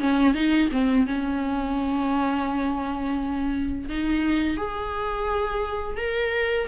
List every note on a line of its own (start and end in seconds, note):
0.00 0.34 C#4
0.34 0.70 D#4
0.72 1.07 C4
1.07 3.89 C#4
3.89 4.58 D#4
4.58 5.97 G#4
5.97 6.68 A#4